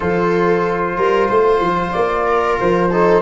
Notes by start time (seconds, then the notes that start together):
0.00 F3 F4 A4 C5
0.97 G3 A#4
1.29 A3 C5
1.60 F3
1.92 A#3 D5
2.26 A#4
2.60 F3 C5
2.91 D#4 A4